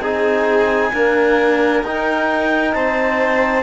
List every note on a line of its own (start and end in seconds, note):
0.00 0.91 C4
0.00 0.93 D#4
0.00 0.92 G#4
0.00 1.84 G#5
0.93 1.84 A#3
0.93 1.83 D4
0.93 2.74 A#4
1.83 2.74 D#4
1.83 3.63 D#4
1.83 2.73 G5
2.73 3.63 C4
2.73 3.63 C5
2.73 3.63 A5